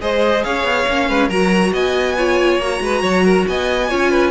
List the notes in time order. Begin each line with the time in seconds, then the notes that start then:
0.00 G#3 G#4 C5 D#5
0.43 C#4 C#5 F5
0.63 B3
0.87 A#3 C#4
1.08 G#3 B4
1.28 F#3 F#4 A#4 A#5
1.73 B3 D#5 G#5
2.17 F4 C#5
2.57 A#3 F#4 A#5
2.80 G#3 B4
3.02 F#3 C#5
3.24 A#4
3.47 B3 D#5 G#5
3.89 C#4 F4 C#5
4.10 B4